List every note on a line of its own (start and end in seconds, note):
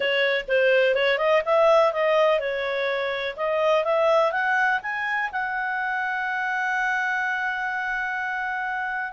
0.00 0.45 C#5
0.48 0.94 C5
0.94 1.18 C#5
1.18 1.42 D#5
1.45 1.92 E5
1.92 2.39 D#5
2.39 3.35 C#5
3.36 3.84 D#5
3.84 4.32 E5
4.32 4.80 F#5
4.82 5.30 G#5
5.31 9.12 F#5